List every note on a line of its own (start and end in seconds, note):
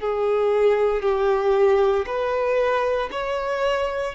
0.00 1.02 G#4
1.02 2.05 G4
2.06 3.10 B4
3.12 4.15 C#5